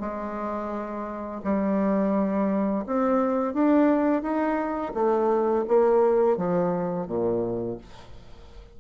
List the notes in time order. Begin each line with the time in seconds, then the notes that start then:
0.00 G#3
1.44 G3
2.86 C4
3.54 D4
4.22 D#4
4.94 A3
5.68 A#3
6.37 F3
7.07 A#2